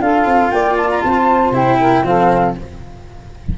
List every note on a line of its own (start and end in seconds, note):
0.00 0.25 D4
0.00 1.53 F4
0.00 0.51 A4
0.00 0.50 F5
0.25 0.51 C4
0.50 1.02 A#3
0.50 1.04 D5
0.50 0.76 G5
0.77 0.89 A5
0.90 1.02 A#5
1.02 1.51 C4
1.02 1.78 C5
1.02 1.53 A5
1.51 2.02 C3
1.51 2.04 E4
1.51 2.06 G5
1.78 2.04 A#4
2.03 2.54 F3
2.03 2.55 C4
2.03 2.58 A4
2.03 2.57 F5